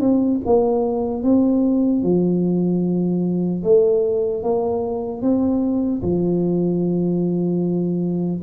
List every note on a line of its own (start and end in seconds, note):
0.00 0.40 C4
0.45 1.23 A#3
1.23 2.03 C4
2.03 3.63 F3
3.63 4.43 A3
4.43 5.21 A#3
5.21 6.01 C4
6.02 8.42 F3